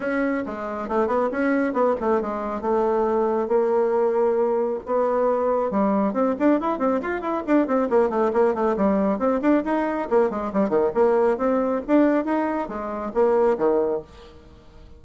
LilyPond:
\new Staff \with { instrumentName = "bassoon" } { \time 4/4 \tempo 4 = 137 cis'4 gis4 a8 b8 cis'4 | b8 a8 gis4 a2 | ais2. b4~ | b4 g4 c'8 d'8 e'8 c'8 |
f'8 e'8 d'8 c'8 ais8 a8 ais8 a8 | g4 c'8 d'8 dis'4 ais8 gis8 | g8 dis8 ais4 c'4 d'4 | dis'4 gis4 ais4 dis4 | }